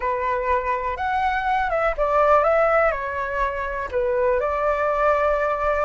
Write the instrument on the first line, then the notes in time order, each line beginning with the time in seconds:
flute
0.00 B4
0.96 F#5
1.69 E5
1.97 D5
2.43 E5
2.91 C#5
3.91 B4
4.40 D5